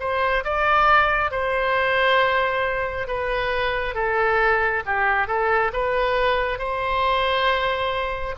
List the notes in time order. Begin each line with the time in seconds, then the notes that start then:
0.00 C5
0.45 D5
1.31 C5
3.08 B4
3.95 A4
4.86 G4
5.27 A4
5.73 B4
6.59 C5